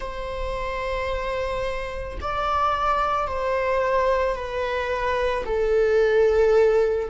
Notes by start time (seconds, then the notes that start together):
0.00 C5
2.21 D5
3.27 C5
4.35 B4
5.45 A4